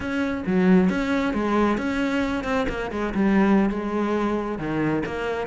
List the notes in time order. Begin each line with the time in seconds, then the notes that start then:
0.00 C#4
0.46 F#3
0.89 C#4
1.33 G#3
1.77 C#4
2.43 C4
2.68 A#3
2.91 G#3
3.14 G3
3.69 G#3
4.58 D#3
5.05 A#3